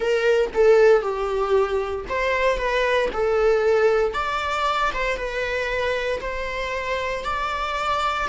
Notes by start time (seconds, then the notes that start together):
0.00 A#4
0.54 A4
1.02 G4
2.08 C5
2.57 B4
3.13 A4
4.13 D5
4.93 C5
5.16 B4
6.21 C5
7.24 D5